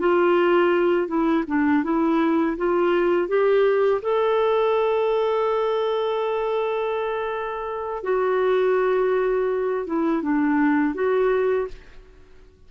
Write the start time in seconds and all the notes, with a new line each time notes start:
0.00 F4
1.08 E4
1.48 D4
1.84 E4
2.58 F4
3.29 G4
4.03 A4
8.04 F#4
9.87 E4
10.23 D4
10.95 F#4